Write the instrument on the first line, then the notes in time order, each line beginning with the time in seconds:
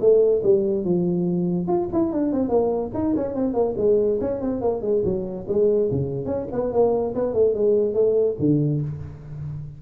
tuba
0.00 A3
0.43 G3
0.84 F3
1.67 F4
1.93 E4
2.12 D4
2.32 C4
2.49 A#3
2.94 D#4
3.16 C#4
3.35 C4
3.54 A#3
3.77 G#3
4.21 C#4
4.41 C4
4.61 A#3
4.81 G#3
5.04 F#3
5.48 G#3
5.91 C#3
6.26 C#4
6.52 B3
6.72 A#3
7.15 B3
7.33 A3
7.54 G#3
7.94 A3
8.39 D3